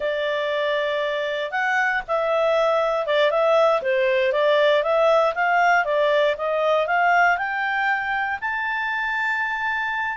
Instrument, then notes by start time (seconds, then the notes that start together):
clarinet
0.00 D5
1.51 F#5
2.07 E5
3.06 D5
3.31 E5
3.82 C5
4.32 D5
4.83 E5
5.34 F5
5.84 D5
6.37 D#5
6.86 F5
7.37 G5
8.40 A5